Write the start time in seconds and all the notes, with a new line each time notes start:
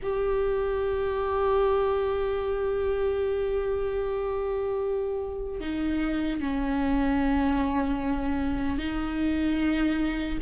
0.02 G4
5.60 D#4
6.40 C#4
8.78 D#4